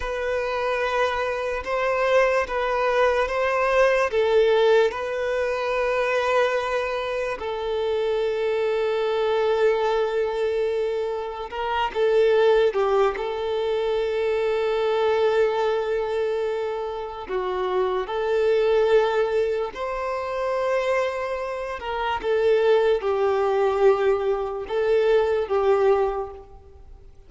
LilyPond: \new Staff \with { instrumentName = "violin" } { \time 4/4 \tempo 4 = 73 b'2 c''4 b'4 | c''4 a'4 b'2~ | b'4 a'2.~ | a'2 ais'8 a'4 g'8 |
a'1~ | a'4 fis'4 a'2 | c''2~ c''8 ais'8 a'4 | g'2 a'4 g'4 | }